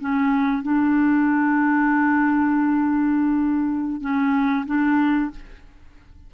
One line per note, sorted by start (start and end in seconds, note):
0.00 0.62 C#4
0.62 4.01 D4
4.01 4.65 C#4
4.66 5.31 D4